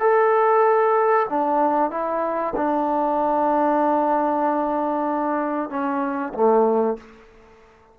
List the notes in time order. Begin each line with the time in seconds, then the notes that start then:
0.00 A4
1.29 D4
1.91 E4
2.56 D4
5.70 C#4
6.34 A3